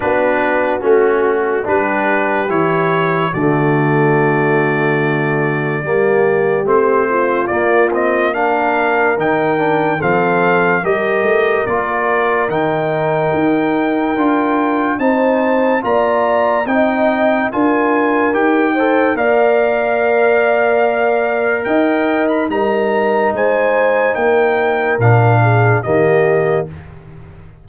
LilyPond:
<<
  \new Staff \with { instrumentName = "trumpet" } { \time 4/4 \tempo 4 = 72 b'4 fis'4 b'4 cis''4 | d''1 | c''4 d''8 dis''8 f''4 g''4 | f''4 dis''4 d''4 g''4~ |
g''2 a''4 ais''4 | g''4 gis''4 g''4 f''4~ | f''2 g''8. b''16 ais''4 | gis''4 g''4 f''4 dis''4 | }
  \new Staff \with { instrumentName = "horn" } { \time 4/4 fis'2 g'2 | fis'2. g'4~ | g'8 f'4. ais'2 | a'4 ais'2.~ |
ais'2 c''4 d''4 | dis''4 ais'4. c''8 d''4~ | d''2 dis''4 ais'4 | c''4 ais'4. gis'8 g'4 | }
  \new Staff \with { instrumentName = "trombone" } { \time 4/4 d'4 cis'4 d'4 e'4 | a2. ais4 | c'4 ais8 c'8 d'4 dis'8 d'8 | c'4 g'4 f'4 dis'4~ |
dis'4 f'4 dis'4 f'4 | dis'4 f'4 g'8 a'8 ais'4~ | ais'2. dis'4~ | dis'2 d'4 ais4 | }
  \new Staff \with { instrumentName = "tuba" } { \time 4/4 b4 a4 g4 e4 | d2. g4 | a4 ais2 dis4 | f4 g8 a8 ais4 dis4 |
dis'4 d'4 c'4 ais4 | c'4 d'4 dis'4 ais4~ | ais2 dis'4 g4 | gis4 ais4 ais,4 dis4 | }
>>